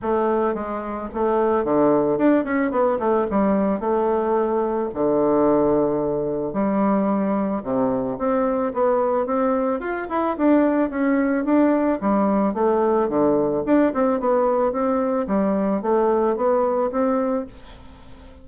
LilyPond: \new Staff \with { instrumentName = "bassoon" } { \time 4/4 \tempo 4 = 110 a4 gis4 a4 d4 | d'8 cis'8 b8 a8 g4 a4~ | a4 d2. | g2 c4 c'4 |
b4 c'4 f'8 e'8 d'4 | cis'4 d'4 g4 a4 | d4 d'8 c'8 b4 c'4 | g4 a4 b4 c'4 | }